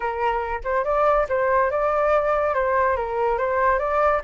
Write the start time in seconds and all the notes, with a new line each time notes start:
0.00 A#4
0.64 C5
0.84 D5
1.28 C5
1.70 D5
2.54 C5
2.96 A#4
3.38 C5
3.79 D5